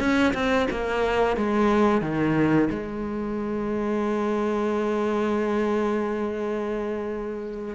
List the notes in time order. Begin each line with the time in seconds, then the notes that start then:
0.00 C#4
0.34 C4
0.71 A#3
1.37 G#3
2.02 D#3
2.71 G#3